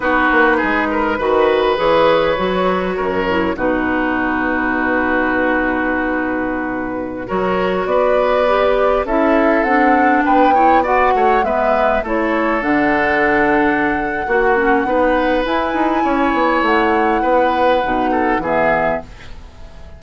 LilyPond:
<<
  \new Staff \with { instrumentName = "flute" } { \time 4/4 \tempo 4 = 101 b'2. cis''4~ | cis''2 b'2~ | b'1~ | b'16 cis''4 d''2 e''8.~ |
e''16 fis''4 g''4 fis''4 e''8.~ | e''16 cis''4 fis''2~ fis''8.~ | fis''2 gis''2 | fis''2. e''4 | }
  \new Staff \with { instrumentName = "oboe" } { \time 4/4 fis'4 gis'8 ais'8 b'2~ | b'4 ais'4 fis'2~ | fis'1~ | fis'16 ais'4 b'2 a'8.~ |
a'4~ a'16 b'8 cis''8 d''8 cis''8 b'8.~ | b'16 a'2.~ a'8. | fis'4 b'2 cis''4~ | cis''4 b'4. a'8 gis'4 | }
  \new Staff \with { instrumentName = "clarinet" } { \time 4/4 dis'2 fis'4 gis'4 | fis'4. e'8 dis'2~ | dis'1~ | dis'16 fis'2 g'4 e'8.~ |
e'16 d'4. e'8 fis'4 b8.~ | b16 e'4 d'2~ d'8. | fis'8 cis'8 dis'4 e'2~ | e'2 dis'4 b4 | }
  \new Staff \with { instrumentName = "bassoon" } { \time 4/4 b8 ais8 gis4 dis4 e4 | fis4 fis,4 b,2~ | b,1~ | b,16 fis4 b2 cis'8.~ |
cis'16 c'4 b4. a8 gis8.~ | gis16 a4 d2~ d8. | ais4 b4 e'8 dis'8 cis'8 b8 | a4 b4 b,4 e4 | }
>>